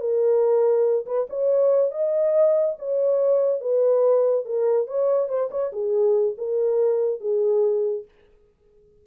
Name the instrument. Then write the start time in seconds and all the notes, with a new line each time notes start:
horn
0.00 A#4
1.06 B4
1.30 C#5
1.91 D#5
2.79 C#5
3.61 B4
4.45 A#4
4.87 C#5
5.29 C5
5.51 C#5
5.72 G#4
6.37 A#4
7.20 G#4